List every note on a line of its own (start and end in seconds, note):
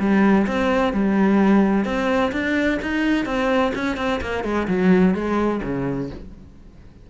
0.00 0.47 G3
0.47 0.94 C4
0.94 1.85 G3
1.85 2.32 C4
2.32 2.79 D4
2.82 3.26 D#4
3.26 3.73 C4
3.75 3.97 C#4
3.97 4.21 C4
4.21 4.44 A#3
4.44 4.68 G#3
4.68 5.15 F#3
5.15 5.61 G#3
5.63 6.10 C#3